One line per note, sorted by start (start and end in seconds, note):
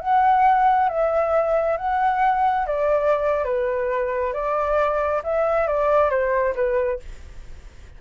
0.00 0.89 F#5
0.89 1.78 E5
1.78 2.66 F#5
2.67 3.44 D5
3.44 4.33 B4
4.34 5.22 D5
5.24 5.67 E5
5.67 6.10 D5
6.10 6.55 C5
6.55 7.00 B4